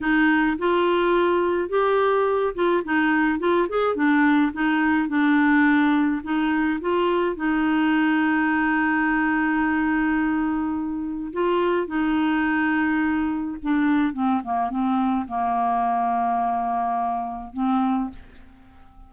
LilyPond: \new Staff \with { instrumentName = "clarinet" } { \time 4/4 \tempo 4 = 106 dis'4 f'2 g'4~ | g'8 f'8 dis'4 f'8 gis'8 d'4 | dis'4 d'2 dis'4 | f'4 dis'2.~ |
dis'1 | f'4 dis'2. | d'4 c'8 ais8 c'4 ais4~ | ais2. c'4 | }